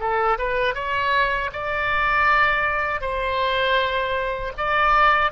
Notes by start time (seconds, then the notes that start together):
0.00 A4
0.39 B4
0.75 C#5
1.53 D5
3.01 C5
4.57 D5